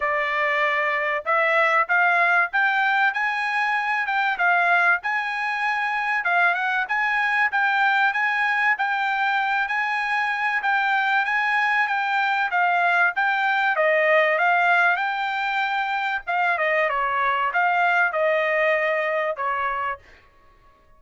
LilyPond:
\new Staff \with { instrumentName = "trumpet" } { \time 4/4 \tempo 4 = 96 d''2 e''4 f''4 | g''4 gis''4. g''8 f''4 | gis''2 f''8 fis''8 gis''4 | g''4 gis''4 g''4. gis''8~ |
gis''4 g''4 gis''4 g''4 | f''4 g''4 dis''4 f''4 | g''2 f''8 dis''8 cis''4 | f''4 dis''2 cis''4 | }